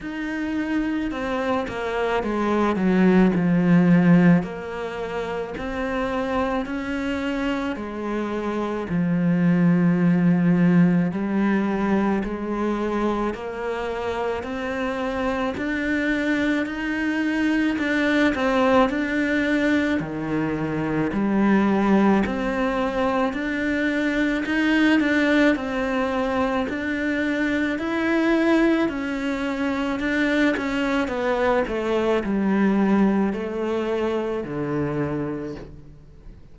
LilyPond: \new Staff \with { instrumentName = "cello" } { \time 4/4 \tempo 4 = 54 dis'4 c'8 ais8 gis8 fis8 f4 | ais4 c'4 cis'4 gis4 | f2 g4 gis4 | ais4 c'4 d'4 dis'4 |
d'8 c'8 d'4 dis4 g4 | c'4 d'4 dis'8 d'8 c'4 | d'4 e'4 cis'4 d'8 cis'8 | b8 a8 g4 a4 d4 | }